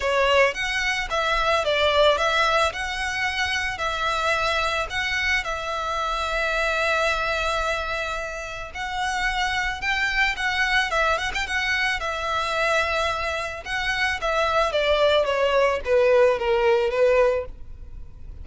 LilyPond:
\new Staff \with { instrumentName = "violin" } { \time 4/4 \tempo 4 = 110 cis''4 fis''4 e''4 d''4 | e''4 fis''2 e''4~ | e''4 fis''4 e''2~ | e''1 |
fis''2 g''4 fis''4 | e''8 fis''16 g''16 fis''4 e''2~ | e''4 fis''4 e''4 d''4 | cis''4 b'4 ais'4 b'4 | }